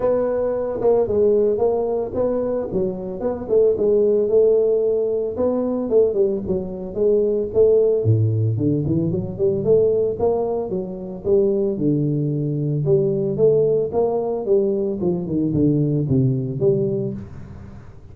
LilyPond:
\new Staff \with { instrumentName = "tuba" } { \time 4/4 \tempo 4 = 112 b4. ais8 gis4 ais4 | b4 fis4 b8 a8 gis4 | a2 b4 a8 g8 | fis4 gis4 a4 a,4 |
d8 e8 fis8 g8 a4 ais4 | fis4 g4 d2 | g4 a4 ais4 g4 | f8 dis8 d4 c4 g4 | }